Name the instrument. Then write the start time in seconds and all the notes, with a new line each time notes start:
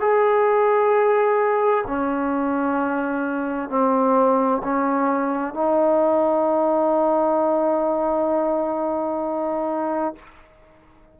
trombone
0.00 G#4
1.87 C#4
3.69 C4
4.63 C#4
5.54 D#4